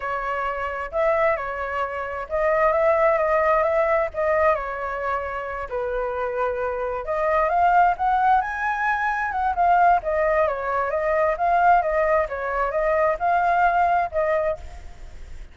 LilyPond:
\new Staff \with { instrumentName = "flute" } { \time 4/4 \tempo 4 = 132 cis''2 e''4 cis''4~ | cis''4 dis''4 e''4 dis''4 | e''4 dis''4 cis''2~ | cis''8 b'2. dis''8~ |
dis''8 f''4 fis''4 gis''4.~ | gis''8 fis''8 f''4 dis''4 cis''4 | dis''4 f''4 dis''4 cis''4 | dis''4 f''2 dis''4 | }